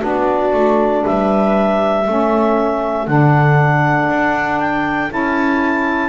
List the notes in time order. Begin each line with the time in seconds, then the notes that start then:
0.00 B3 D4 F#4 D5
0.54 A3
1.05 G3 B4 E5
2.05 A3 C#4 A4
3.07 D3 D4 F#5
4.10 D4
4.60 G5
5.10 C#4 E4 A5